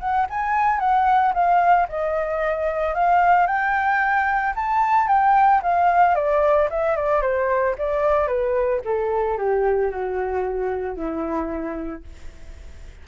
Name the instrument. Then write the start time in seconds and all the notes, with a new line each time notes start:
flute
0.00 F#5
0.30 G#5
0.80 F#5
1.34 F5
1.89 D#5
2.95 F5
3.47 G5
4.56 A5
5.08 G5
5.63 F5
6.15 D5
6.70 E5
6.96 D5
7.22 C5
7.79 D5
8.28 B4
8.85 A4
9.38 G4
9.91 F#4
10.97 E4